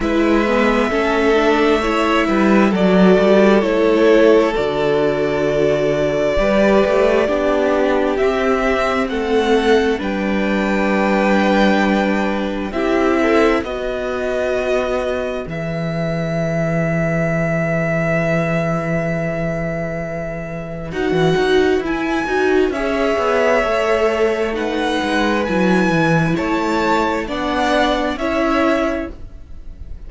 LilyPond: <<
  \new Staff \with { instrumentName = "violin" } { \time 4/4 \tempo 4 = 66 e''2. d''4 | cis''4 d''2.~ | d''4 e''4 fis''4 g''4~ | g''2 e''4 dis''4~ |
dis''4 e''2.~ | e''2. fis''4 | gis''4 e''2 fis''4 | gis''4 a''4 fis''4 e''4 | }
  \new Staff \with { instrumentName = "violin" } { \time 4/4 b'4 a'4 cis''8 b'8 a'4~ | a'2. b'4 | g'2 a'4 b'4~ | b'2 g'8 a'8 b'4~ |
b'1~ | b'1~ | b'4 cis''2 b'4~ | b'4 cis''4 d''4 cis''4 | }
  \new Staff \with { instrumentName = "viola" } { \time 4/4 e'8 b8 cis'8 d'8 e'4 fis'4 | e'4 fis'2 g'4 | d'4 c'2 d'4~ | d'2 e'4 fis'4~ |
fis'4 gis'2.~ | gis'2. fis'4 | e'8 fis'8 gis'4 a'4 dis'4 | e'2 d'4 e'4 | }
  \new Staff \with { instrumentName = "cello" } { \time 4/4 gis4 a4. g8 fis8 g8 | a4 d2 g8 a8 | b4 c'4 a4 g4~ | g2 c'4 b4~ |
b4 e2.~ | e2. dis'16 e16 dis'8 | e'8 dis'8 cis'8 b8 a4. gis8 | fis8 e8 a4 b4 cis'4 | }
>>